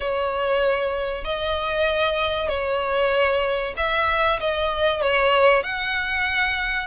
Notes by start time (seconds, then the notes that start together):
0.00 C#5
1.24 D#5
2.49 C#5
3.77 E5
4.39 D#5
5.01 C#5
5.63 F#5